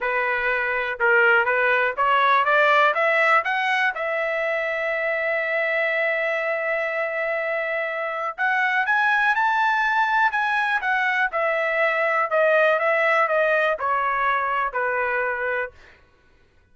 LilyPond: \new Staff \with { instrumentName = "trumpet" } { \time 4/4 \tempo 4 = 122 b'2 ais'4 b'4 | cis''4 d''4 e''4 fis''4 | e''1~ | e''1~ |
e''4 fis''4 gis''4 a''4~ | a''4 gis''4 fis''4 e''4~ | e''4 dis''4 e''4 dis''4 | cis''2 b'2 | }